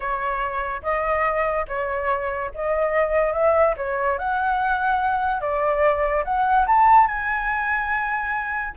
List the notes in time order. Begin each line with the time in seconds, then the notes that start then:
0.00 C#5
0.82 D#5
1.68 C#5
2.54 D#5
3.33 E5
3.77 C#5
4.18 F#5
5.40 D5
6.24 F#5
6.66 A5
7.07 G#5